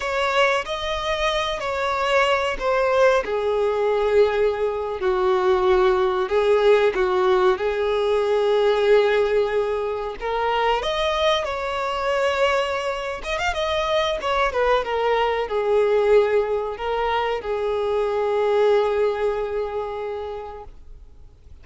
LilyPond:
\new Staff \with { instrumentName = "violin" } { \time 4/4 \tempo 4 = 93 cis''4 dis''4. cis''4. | c''4 gis'2~ gis'8. fis'16~ | fis'4.~ fis'16 gis'4 fis'4 gis'16~ | gis'2.~ gis'8. ais'16~ |
ais'8. dis''4 cis''2~ cis''16~ | cis''8 dis''16 f''16 dis''4 cis''8 b'8 ais'4 | gis'2 ais'4 gis'4~ | gis'1 | }